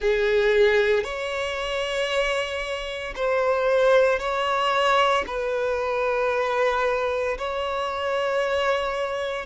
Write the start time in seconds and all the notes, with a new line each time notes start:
0.00 G#4
1.03 C#5
3.15 C5
4.19 C#5
5.26 B4
7.38 C#5